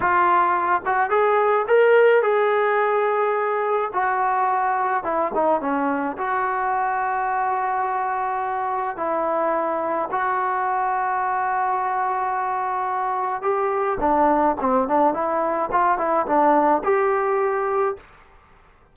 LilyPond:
\new Staff \with { instrumentName = "trombone" } { \time 4/4 \tempo 4 = 107 f'4. fis'8 gis'4 ais'4 | gis'2. fis'4~ | fis'4 e'8 dis'8 cis'4 fis'4~ | fis'1 |
e'2 fis'2~ | fis'1 | g'4 d'4 c'8 d'8 e'4 | f'8 e'8 d'4 g'2 | }